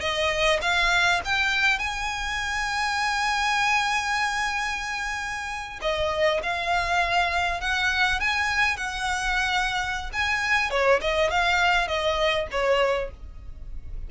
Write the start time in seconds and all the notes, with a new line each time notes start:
0.00 D#5
0.61 F5
1.24 G5
1.78 G#5
5.81 D#5
6.42 F5
7.60 F#5
8.20 G#5
8.77 F#5
10.12 G#5
10.70 C#5
11.01 D#5
11.30 F5
11.87 D#5
12.51 C#5